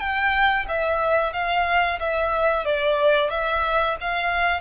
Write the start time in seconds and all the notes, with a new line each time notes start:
0.00 G5
0.69 E5
1.33 F5
2.00 E5
2.65 D5
3.31 E5
4.01 F5